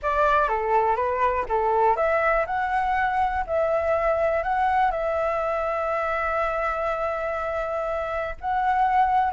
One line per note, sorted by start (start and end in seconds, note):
0.02 0.48 D5
0.48 0.95 A4
0.95 1.45 B4
1.48 1.96 A4
1.96 2.45 E5
2.46 3.44 F#5
3.46 4.43 E5
4.43 4.91 F#5
4.91 8.35 E5
8.41 9.32 F#5